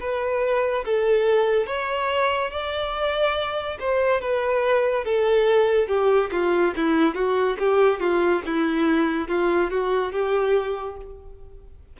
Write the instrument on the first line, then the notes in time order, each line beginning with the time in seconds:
violin
0.00 B4
0.85 A4
1.66 C#5
2.51 D5
3.80 C5
4.21 B4
5.04 A4
5.88 G4
6.32 F4
6.76 E4
7.14 F#4
7.59 G4
7.99 F4
8.46 E4
9.28 F4
9.70 F#4
10.12 G4